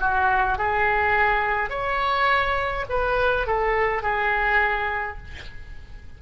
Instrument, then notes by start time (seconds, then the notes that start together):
oboe
0.00 F#4
0.58 G#4
1.70 C#5
2.89 B4
3.47 A4
4.02 G#4